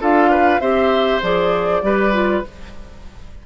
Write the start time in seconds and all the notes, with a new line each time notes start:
0.00 D4 F4 A4 F5
0.30 B4
0.60 C4 G4 C5 E5
1.22 F3 G#4 D5
1.82 G3 G4 B4
2.12 F4